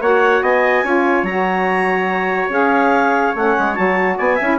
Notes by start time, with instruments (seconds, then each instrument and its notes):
0.00 bassoon A#3, saxophone F#4, trumpet C#5, clarinet F#5
0.41 bassoon B3, trumpet D#5, clarinet G#5
0.83 bassoon C#4, saxophone F4, trumpet C#5
1.23 bassoon F#3, saxophone F#4, clarinet A#5
2.48 bassoon C#4, saxophone G#4, clarinet F5
3.35 bassoon A3, saxophone C#4, clarinet F#5
3.58 bassoon G#3
3.74 bassoon F#3, saxophone F#4, clarinet A5
4.17 bassoon B3, trumpet D5, clarinet G#5
4.35 bassoon C#4, saxophone E4, trumpet E5